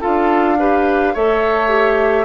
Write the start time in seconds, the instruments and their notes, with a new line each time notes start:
0.00 bassoon D4, clarinet F4, oboe A4, flute F5
0.58 clarinet G4, oboe B4
1.13 bassoon A3, clarinet A4, oboe C#5, flute E5
1.68 clarinet G4